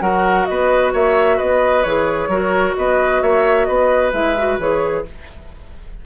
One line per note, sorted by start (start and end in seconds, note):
0.00 0.46 F#3
0.00 1.83 F#4
0.00 0.47 A#4
0.00 0.45 F#5
0.45 0.93 B3
0.45 0.93 B4
0.45 0.91 D#5
0.93 1.39 A#3
0.93 1.37 C#5
0.93 1.38 E5
1.37 1.84 B3
1.37 2.28 B4
1.37 1.83 D#5
1.83 2.27 E3
1.83 2.30 G#4
1.83 2.74 C#5
2.27 2.73 F#3
2.27 4.12 F#4
2.27 2.76 A#4
2.77 3.21 B3
2.77 3.22 B4
2.77 3.21 D#5
3.21 3.67 A#3
3.21 3.67 C#5
3.21 3.65 E5
3.65 4.12 B3
3.65 5.04 B4
3.65 4.10 D#5
4.12 4.58 G#3
4.12 4.35 E4
4.12 4.59 E5
4.37 4.59 F#4
4.58 5.04 E3
4.58 5.05 G#4
4.58 5.05 C#5